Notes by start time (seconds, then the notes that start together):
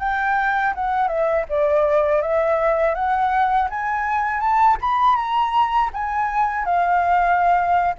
0.00 G5
0.75 F#5
1.08 E5
1.49 D5
2.22 E5
2.95 F#5
3.70 G#5
4.40 A5
4.81 B5
5.16 A#5
5.94 G#5
6.66 F5